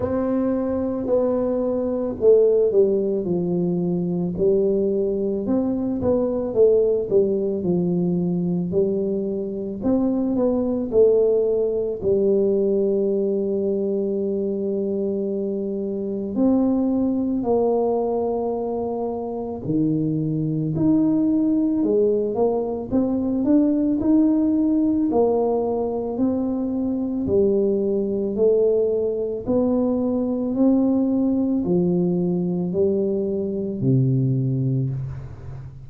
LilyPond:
\new Staff \with { instrumentName = "tuba" } { \time 4/4 \tempo 4 = 55 c'4 b4 a8 g8 f4 | g4 c'8 b8 a8 g8 f4 | g4 c'8 b8 a4 g4~ | g2. c'4 |
ais2 dis4 dis'4 | gis8 ais8 c'8 d'8 dis'4 ais4 | c'4 g4 a4 b4 | c'4 f4 g4 c4 | }